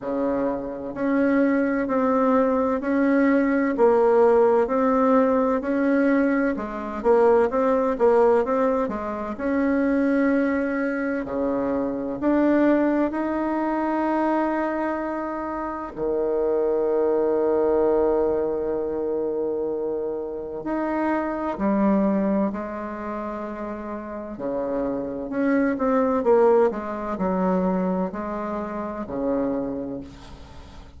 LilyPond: \new Staff \with { instrumentName = "bassoon" } { \time 4/4 \tempo 4 = 64 cis4 cis'4 c'4 cis'4 | ais4 c'4 cis'4 gis8 ais8 | c'8 ais8 c'8 gis8 cis'2 | cis4 d'4 dis'2~ |
dis'4 dis2.~ | dis2 dis'4 g4 | gis2 cis4 cis'8 c'8 | ais8 gis8 fis4 gis4 cis4 | }